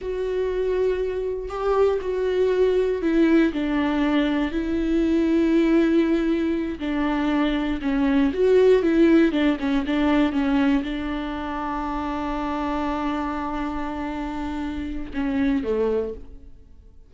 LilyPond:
\new Staff \with { instrumentName = "viola" } { \time 4/4 \tempo 4 = 119 fis'2. g'4 | fis'2 e'4 d'4~ | d'4 e'2.~ | e'4. d'2 cis'8~ |
cis'8 fis'4 e'4 d'8 cis'8 d'8~ | d'8 cis'4 d'2~ d'8~ | d'1~ | d'2 cis'4 a4 | }